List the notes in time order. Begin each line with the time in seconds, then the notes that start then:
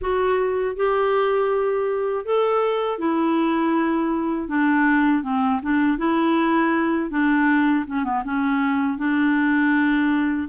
0.01 F#4
0.76 G4
2.25 A4
2.98 E4
4.48 D4
5.23 C4
5.62 D4
5.98 E4
7.10 D4
7.86 C#4
8.04 B3
8.24 C#4
8.98 D4